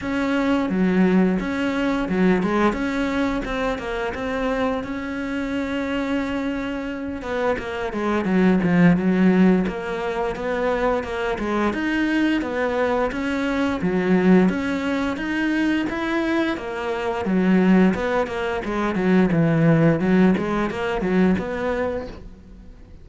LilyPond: \new Staff \with { instrumentName = "cello" } { \time 4/4 \tempo 4 = 87 cis'4 fis4 cis'4 fis8 gis8 | cis'4 c'8 ais8 c'4 cis'4~ | cis'2~ cis'8 b8 ais8 gis8 | fis8 f8 fis4 ais4 b4 |
ais8 gis8 dis'4 b4 cis'4 | fis4 cis'4 dis'4 e'4 | ais4 fis4 b8 ais8 gis8 fis8 | e4 fis8 gis8 ais8 fis8 b4 | }